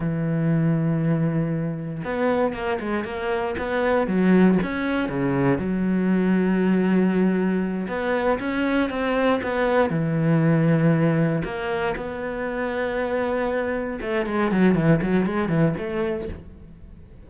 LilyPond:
\new Staff \with { instrumentName = "cello" } { \time 4/4 \tempo 4 = 118 e1 | b4 ais8 gis8 ais4 b4 | fis4 cis'4 cis4 fis4~ | fis2.~ fis8 b8~ |
b8 cis'4 c'4 b4 e8~ | e2~ e8 ais4 b8~ | b2.~ b8 a8 | gis8 fis8 e8 fis8 gis8 e8 a4 | }